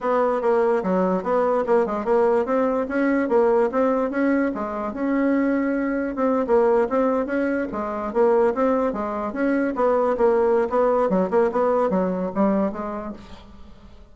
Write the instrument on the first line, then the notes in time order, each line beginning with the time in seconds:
bassoon
0.01 B3
0.41 A#3
0.83 F#3
1.23 B3
1.66 A#3
1.86 G#3
2.05 A#3
2.45 C4
2.88 C#4
3.29 A#3
3.71 C4
4.10 C#4
4.54 G#3
4.93 C#4
6.15 C4
6.47 A#3
6.89 C4
7.26 C#4
7.72 G#3
8.13 A#3
8.54 C4
8.92 G#3
9.33 C#4
9.75 B3
10.17 A#3
10.69 B3
11.09 F#3
11.30 A#3
11.51 B3
11.90 F#3
12.35 G3
12.72 G#3